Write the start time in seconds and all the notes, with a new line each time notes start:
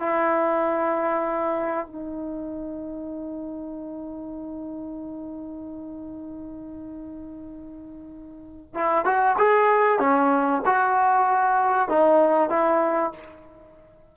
0.00 E4
1.87 D#4
8.75 E4
9.06 F#4
9.38 G#4
9.99 C#4
10.66 F#4
11.89 D#4
12.50 E4